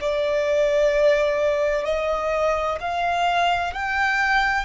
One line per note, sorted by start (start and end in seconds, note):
0.00 1.85 D5
1.85 2.78 D#5
2.80 3.73 F5
3.73 4.65 G5